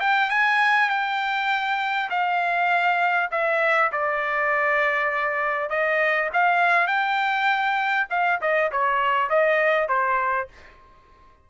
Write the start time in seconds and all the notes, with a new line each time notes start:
0.00 G5
0.30 G#5
0.90 G5
2.10 F5
3.31 E5
3.92 D5
5.70 D#5
6.34 F5
6.87 G5
8.10 F5
8.41 D#5
8.72 C#5
9.30 D#5
9.88 C5